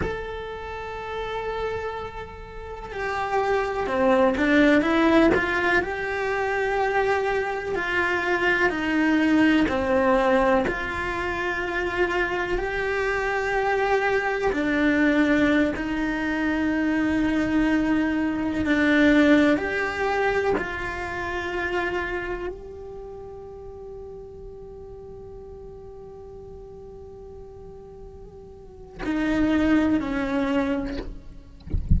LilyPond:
\new Staff \with { instrumentName = "cello" } { \time 4/4 \tempo 4 = 62 a'2. g'4 | c'8 d'8 e'8 f'8 g'2 | f'4 dis'4 c'4 f'4~ | f'4 g'2 d'4~ |
d'16 dis'2. d'8.~ | d'16 g'4 f'2 g'8.~ | g'1~ | g'2 dis'4 cis'4 | }